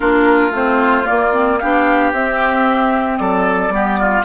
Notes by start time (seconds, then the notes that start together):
0.00 A#3 D4 F4 A#4
0.50 A3 C4 C5
1.04 A#3 D5
1.32 C4
1.58 B3 D4 G4 F5
2.12 C4 E5
3.17 F#3 A4 D5
3.69 G3 B3 G4
3.99 F4